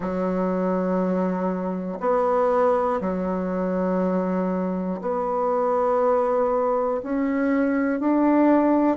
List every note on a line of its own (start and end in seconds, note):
0.00 1.99 F#3
2.00 3.00 B3
3.00 5.00 F#3
5.01 7.01 B3
7.03 8.00 C#4
8.00 8.96 D4